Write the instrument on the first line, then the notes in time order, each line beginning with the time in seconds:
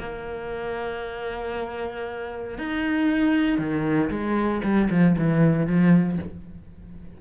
cello
0.00 A#3
2.58 D#4
3.59 D#3
4.11 G#3
4.64 G3
4.91 F3
5.19 E3
5.67 F3